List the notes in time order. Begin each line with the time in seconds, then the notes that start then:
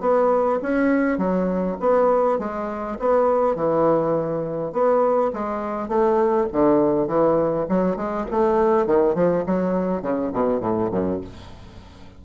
0.00 B3
0.62 C#4
1.18 F#3
1.80 B3
2.39 G#3
2.99 B3
3.55 E3
4.72 B3
5.33 G#3
5.88 A3
6.52 D3
7.07 E3
7.68 F#3
7.96 G#3
8.30 A3
8.86 D#3
9.14 F3
9.46 F#3
10.02 C#3
10.32 B2
10.60 A2
10.91 F#2